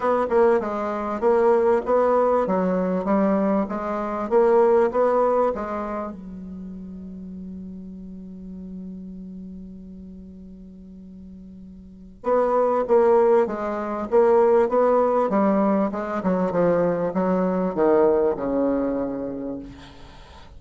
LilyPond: \new Staff \with { instrumentName = "bassoon" } { \time 4/4 \tempo 4 = 98 b8 ais8 gis4 ais4 b4 | fis4 g4 gis4 ais4 | b4 gis4 fis2~ | fis1~ |
fis1 | b4 ais4 gis4 ais4 | b4 g4 gis8 fis8 f4 | fis4 dis4 cis2 | }